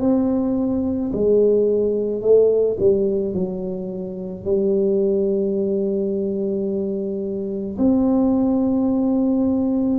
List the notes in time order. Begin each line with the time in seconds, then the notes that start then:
0.00 C4
1.13 G#3
2.21 A3
2.79 G3
3.33 F#3
4.44 G3
7.78 C4